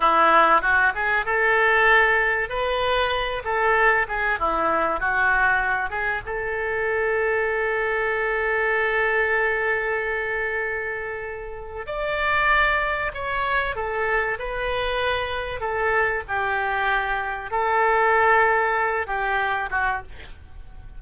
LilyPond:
\new Staff \with { instrumentName = "oboe" } { \time 4/4 \tempo 4 = 96 e'4 fis'8 gis'8 a'2 | b'4. a'4 gis'8 e'4 | fis'4. gis'8 a'2~ | a'1~ |
a'2. d''4~ | d''4 cis''4 a'4 b'4~ | b'4 a'4 g'2 | a'2~ a'8 g'4 fis'8 | }